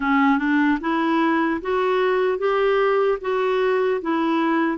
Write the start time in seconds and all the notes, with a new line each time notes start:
0.00 C#4
0.38 D4
0.80 E4
1.61 F#4
2.38 G4
3.21 F#4
4.01 E4